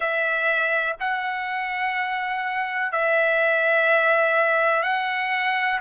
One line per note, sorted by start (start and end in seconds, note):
0.00 0.95 E5
1.00 2.92 F#5
2.92 4.83 E5
4.83 5.79 F#5